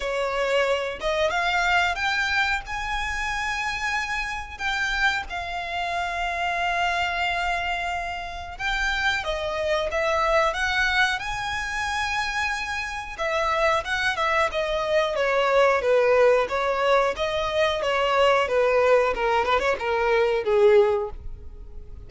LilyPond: \new Staff \with { instrumentName = "violin" } { \time 4/4 \tempo 4 = 91 cis''4. dis''8 f''4 g''4 | gis''2. g''4 | f''1~ | f''4 g''4 dis''4 e''4 |
fis''4 gis''2. | e''4 fis''8 e''8 dis''4 cis''4 | b'4 cis''4 dis''4 cis''4 | b'4 ais'8 b'16 cis''16 ais'4 gis'4 | }